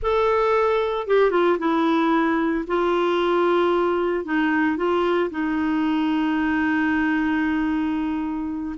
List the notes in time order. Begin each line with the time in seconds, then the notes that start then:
0.02 A4
1.07 G4
1.31 F4
1.58 E4
2.67 F4
4.24 D#4
4.76 F4
5.30 D#4